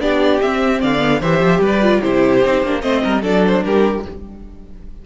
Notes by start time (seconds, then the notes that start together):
0.00 B3 D4 G4 D5
0.42 C4 E5
0.81 D3 D5 F5
0.99 B3
1.21 E3 G4 C5 E5
1.40 F3
1.60 G3 B4
1.67 D5
1.83 F4
2.01 C3 E4 G4 C5
2.45 C4 D#4
2.63 A#3 D4
2.82 A3 C4 C5 D#5
3.04 G3 A#4
3.22 F#3 D4 A4 D5
3.47 C5
3.65 G3 G4 A#4